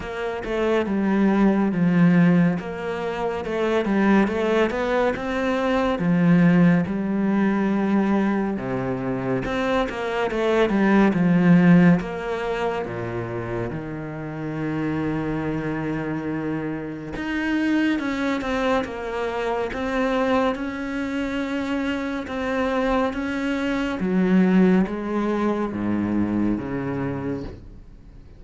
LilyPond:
\new Staff \with { instrumentName = "cello" } { \time 4/4 \tempo 4 = 70 ais8 a8 g4 f4 ais4 | a8 g8 a8 b8 c'4 f4 | g2 c4 c'8 ais8 | a8 g8 f4 ais4 ais,4 |
dis1 | dis'4 cis'8 c'8 ais4 c'4 | cis'2 c'4 cis'4 | fis4 gis4 gis,4 cis4 | }